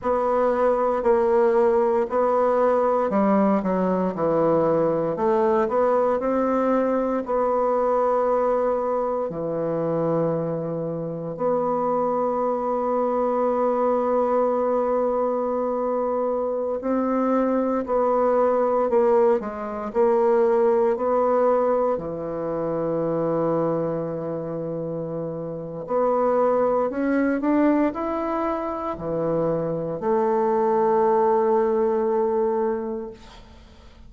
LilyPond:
\new Staff \with { instrumentName = "bassoon" } { \time 4/4 \tempo 4 = 58 b4 ais4 b4 g8 fis8 | e4 a8 b8 c'4 b4~ | b4 e2 b4~ | b1~ |
b16 c'4 b4 ais8 gis8 ais8.~ | ais16 b4 e2~ e8.~ | e4 b4 cis'8 d'8 e'4 | e4 a2. | }